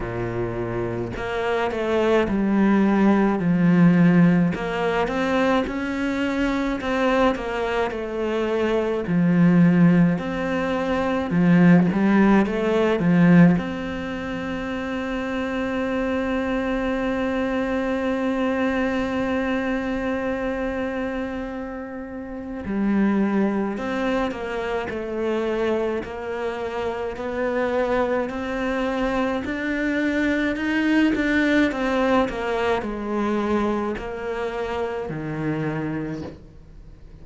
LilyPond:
\new Staff \with { instrumentName = "cello" } { \time 4/4 \tempo 4 = 53 ais,4 ais8 a8 g4 f4 | ais8 c'8 cis'4 c'8 ais8 a4 | f4 c'4 f8 g8 a8 f8 | c'1~ |
c'1 | g4 c'8 ais8 a4 ais4 | b4 c'4 d'4 dis'8 d'8 | c'8 ais8 gis4 ais4 dis4 | }